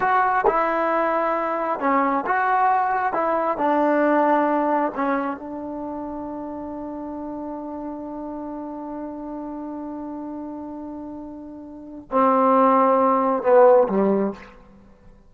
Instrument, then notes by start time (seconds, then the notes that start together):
trombone
0.00 F#4
0.46 E4
1.79 C#4
2.26 F#4
3.13 E4
3.57 D4
4.95 C#4
5.36 D4
12.11 C4
13.42 B3
13.88 G3